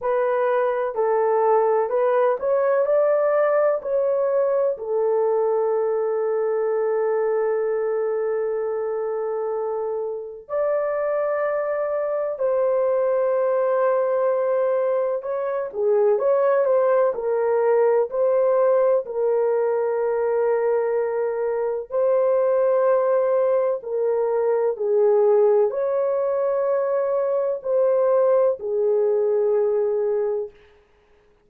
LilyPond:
\new Staff \with { instrumentName = "horn" } { \time 4/4 \tempo 4 = 63 b'4 a'4 b'8 cis''8 d''4 | cis''4 a'2.~ | a'2. d''4~ | d''4 c''2. |
cis''8 gis'8 cis''8 c''8 ais'4 c''4 | ais'2. c''4~ | c''4 ais'4 gis'4 cis''4~ | cis''4 c''4 gis'2 | }